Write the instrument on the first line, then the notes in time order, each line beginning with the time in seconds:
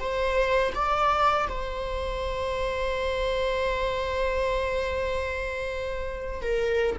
viola
0.00 C5
0.75 D5
1.49 C5
6.42 A#4